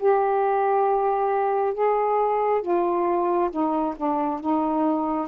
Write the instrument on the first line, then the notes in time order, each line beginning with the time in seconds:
saxophone
0.00 G4
1.74 G#4
2.62 F4
3.51 D#4
3.97 D4
4.41 D#4